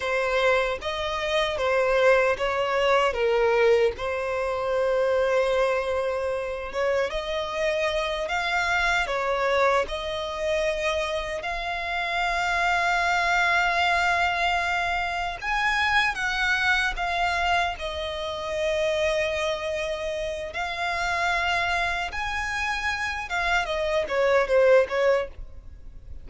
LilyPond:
\new Staff \with { instrumentName = "violin" } { \time 4/4 \tempo 4 = 76 c''4 dis''4 c''4 cis''4 | ais'4 c''2.~ | c''8 cis''8 dis''4. f''4 cis''8~ | cis''8 dis''2 f''4.~ |
f''2.~ f''8 gis''8~ | gis''8 fis''4 f''4 dis''4.~ | dis''2 f''2 | gis''4. f''8 dis''8 cis''8 c''8 cis''8 | }